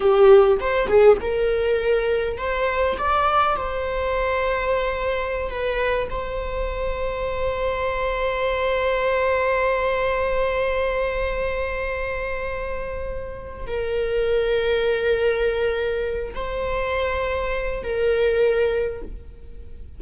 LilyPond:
\new Staff \with { instrumentName = "viola" } { \time 4/4 \tempo 4 = 101 g'4 c''8 gis'8 ais'2 | c''4 d''4 c''2~ | c''4~ c''16 b'4 c''4.~ c''16~ | c''1~ |
c''1~ | c''2. ais'4~ | ais'2.~ ais'8 c''8~ | c''2 ais'2 | }